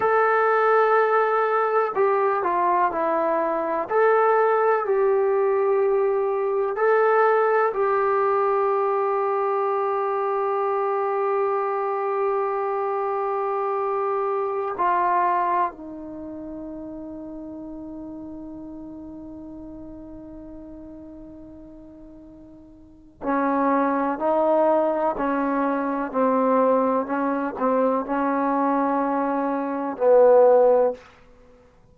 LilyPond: \new Staff \with { instrumentName = "trombone" } { \time 4/4 \tempo 4 = 62 a'2 g'8 f'8 e'4 | a'4 g'2 a'4 | g'1~ | g'2.~ g'16 f'8.~ |
f'16 dis'2.~ dis'8.~ | dis'1 | cis'4 dis'4 cis'4 c'4 | cis'8 c'8 cis'2 b4 | }